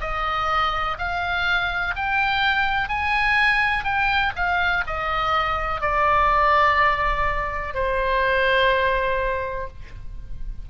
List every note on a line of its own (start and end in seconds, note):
0.00 0.97 D#5
0.98 1.94 F5
1.96 2.88 G5
2.88 3.84 G#5
3.84 4.32 G5
4.35 4.84 F5
4.87 5.81 D#5
5.81 7.74 D5
7.74 9.67 C5